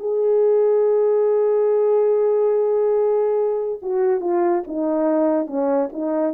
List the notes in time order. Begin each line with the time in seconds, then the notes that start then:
0.00 G#4
3.82 F#4
4.21 F4
4.67 D#4
5.47 C#4
5.93 D#4